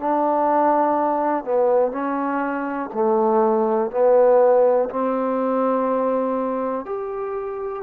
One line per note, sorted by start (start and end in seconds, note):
0.00 1.45 D4
1.45 1.92 B3
1.92 2.91 C#4
2.94 3.91 A3
3.91 4.90 B3
4.90 6.86 C4
6.86 7.83 G4